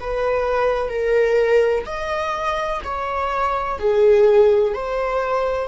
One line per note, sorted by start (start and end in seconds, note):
0.00 0.89 B4
0.89 1.84 A#4
1.86 2.81 D#5
2.84 3.79 C#5
3.79 4.74 G#4
4.74 5.68 C5